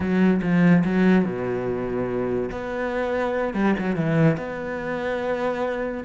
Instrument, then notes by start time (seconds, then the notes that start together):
cello
0.00 F#3
0.41 F3
0.84 F#3
1.25 B2
2.51 B3
3.53 G3
3.78 F#3
3.96 E3
4.37 B3